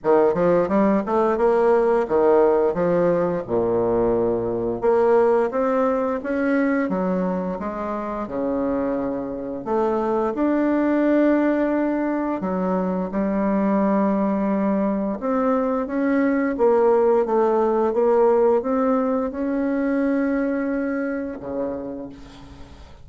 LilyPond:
\new Staff \with { instrumentName = "bassoon" } { \time 4/4 \tempo 4 = 87 dis8 f8 g8 a8 ais4 dis4 | f4 ais,2 ais4 | c'4 cis'4 fis4 gis4 | cis2 a4 d'4~ |
d'2 fis4 g4~ | g2 c'4 cis'4 | ais4 a4 ais4 c'4 | cis'2. cis4 | }